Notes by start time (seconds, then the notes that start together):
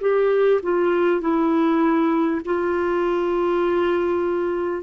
0.00 G4
0.62 F4
1.21 E4
2.45 F4